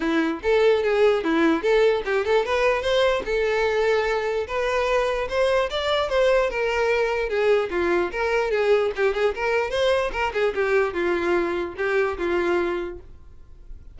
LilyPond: \new Staff \with { instrumentName = "violin" } { \time 4/4 \tempo 4 = 148 e'4 a'4 gis'4 e'4 | a'4 g'8 a'8 b'4 c''4 | a'2. b'4~ | b'4 c''4 d''4 c''4 |
ais'2 gis'4 f'4 | ais'4 gis'4 g'8 gis'8 ais'4 | c''4 ais'8 gis'8 g'4 f'4~ | f'4 g'4 f'2 | }